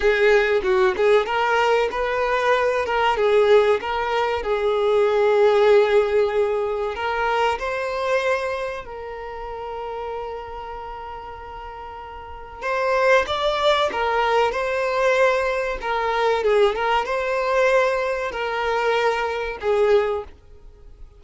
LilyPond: \new Staff \with { instrumentName = "violin" } { \time 4/4 \tempo 4 = 95 gis'4 fis'8 gis'8 ais'4 b'4~ | b'8 ais'8 gis'4 ais'4 gis'4~ | gis'2. ais'4 | c''2 ais'2~ |
ais'1 | c''4 d''4 ais'4 c''4~ | c''4 ais'4 gis'8 ais'8 c''4~ | c''4 ais'2 gis'4 | }